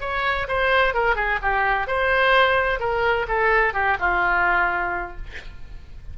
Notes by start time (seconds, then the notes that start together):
0.00 C#5
0.48 C5
0.94 A#4
1.15 G#4
1.42 G4
1.87 C5
2.79 A#4
3.27 A4
3.73 G4
3.99 F4